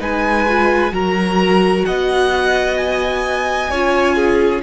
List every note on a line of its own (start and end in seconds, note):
0.00 0.92 G#3
0.00 0.46 D#4
0.00 0.92 B4
0.00 0.94 G#5
0.48 0.92 F4
0.92 1.84 F#3
0.92 3.69 F#4
0.92 1.86 A#4
0.92 1.85 A#5
1.85 3.71 B3
1.85 3.71 D#5
1.85 2.77 F#5
2.77 4.62 G#5
3.71 4.62 C#4
3.71 4.62 F4
3.71 4.16 C#5
4.16 4.62 G#4